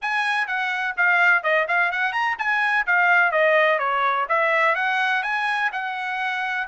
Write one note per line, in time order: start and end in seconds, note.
0.01 0.47 G#5
0.47 0.94 F#5
0.96 1.43 F5
1.43 1.67 D#5
1.68 1.91 F5
1.91 2.12 F#5
2.12 2.36 A#5
2.38 2.85 G#5
2.86 3.31 F5
3.31 3.78 D#5
3.78 4.26 C#5
4.28 4.75 E5
4.75 5.22 F#5
5.22 5.70 G#5
5.72 6.67 F#5